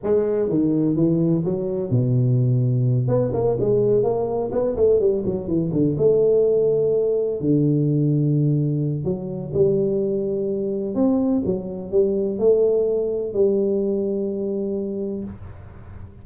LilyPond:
\new Staff \with { instrumentName = "tuba" } { \time 4/4 \tempo 4 = 126 gis4 dis4 e4 fis4 | b,2~ b,8 b8 ais8 gis8~ | gis8 ais4 b8 a8 g8 fis8 e8 | d8 a2. d8~ |
d2. fis4 | g2. c'4 | fis4 g4 a2 | g1 | }